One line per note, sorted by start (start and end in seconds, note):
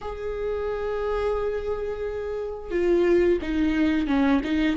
0.01 2.71 G#4
2.71 3.39 F4
3.41 4.07 D#4
4.07 4.41 C#4
4.43 4.76 D#4